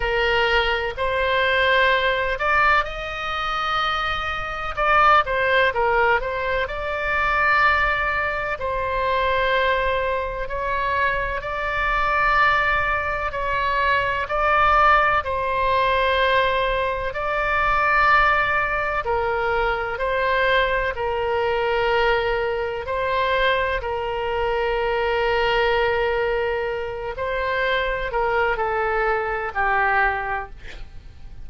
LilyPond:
\new Staff \with { instrumentName = "oboe" } { \time 4/4 \tempo 4 = 63 ais'4 c''4. d''8 dis''4~ | dis''4 d''8 c''8 ais'8 c''8 d''4~ | d''4 c''2 cis''4 | d''2 cis''4 d''4 |
c''2 d''2 | ais'4 c''4 ais'2 | c''4 ais'2.~ | ais'8 c''4 ais'8 a'4 g'4 | }